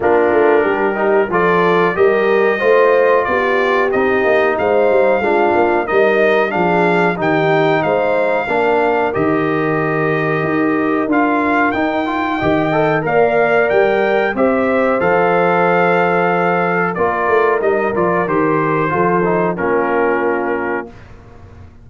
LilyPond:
<<
  \new Staff \with { instrumentName = "trumpet" } { \time 4/4 \tempo 4 = 92 ais'2 d''4 dis''4~ | dis''4 d''4 dis''4 f''4~ | f''4 dis''4 f''4 g''4 | f''2 dis''2~ |
dis''4 f''4 g''2 | f''4 g''4 e''4 f''4~ | f''2 d''4 dis''8 d''8 | c''2 ais'2 | }
  \new Staff \with { instrumentName = "horn" } { \time 4/4 f'4 g'4 a'4 ais'4 | c''4 g'2 c''4 | f'4 ais'4 gis'4 g'4 | c''4 ais'2.~ |
ais'2. dis''4 | d''2 c''2~ | c''2 ais'2~ | ais'4 a'4 f'2 | }
  \new Staff \with { instrumentName = "trombone" } { \time 4/4 d'4. dis'8 f'4 g'4 | f'2 dis'2 | d'4 dis'4 d'4 dis'4~ | dis'4 d'4 g'2~ |
g'4 f'4 dis'8 f'8 g'8 a'8 | ais'2 g'4 a'4~ | a'2 f'4 dis'8 f'8 | g'4 f'8 dis'8 cis'2 | }
  \new Staff \with { instrumentName = "tuba" } { \time 4/4 ais8 a8 g4 f4 g4 | a4 b4 c'8 ais8 gis8 g8 | gis8 ais8 g4 f4 dis4 | gis4 ais4 dis2 |
dis'4 d'4 dis'4 dis4 | ais4 g4 c'4 f4~ | f2 ais8 a8 g8 f8 | dis4 f4 ais2 | }
>>